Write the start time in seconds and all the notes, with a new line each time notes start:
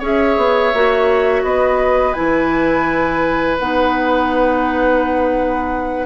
0.00 C#4 G#4 C#5 E5
0.37 B3
0.74 A#3 F#4
1.44 B3 B4 D#5
2.14 E3 E4 G#5
3.59 B3 D#4 F#5